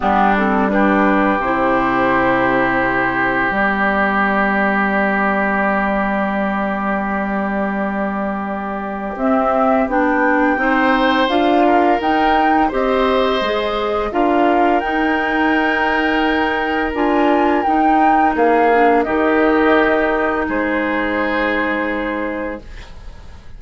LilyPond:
<<
  \new Staff \with { instrumentName = "flute" } { \time 4/4 \tempo 4 = 85 g'8 a'8 b'4 c''2~ | c''4 d''2.~ | d''1~ | d''4 e''4 g''2 |
f''4 g''4 dis''2 | f''4 g''2. | gis''4 g''4 f''4 dis''4~ | dis''4 c''2. | }
  \new Staff \with { instrumentName = "oboe" } { \time 4/4 d'4 g'2.~ | g'1~ | g'1~ | g'2. c''4~ |
c''8 ais'4. c''2 | ais'1~ | ais'2 gis'4 g'4~ | g'4 gis'2. | }
  \new Staff \with { instrumentName = "clarinet" } { \time 4/4 b8 c'8 d'4 e'2~ | e'4 b2.~ | b1~ | b4 c'4 d'4 dis'4 |
f'4 dis'4 g'4 gis'4 | f'4 dis'2. | f'4 dis'4. d'8 dis'4~ | dis'1 | }
  \new Staff \with { instrumentName = "bassoon" } { \time 4/4 g2 c2~ | c4 g2.~ | g1~ | g4 c'4 b4 c'4 |
d'4 dis'4 c'4 gis4 | d'4 dis'2. | d'4 dis'4 ais4 dis4~ | dis4 gis2. | }
>>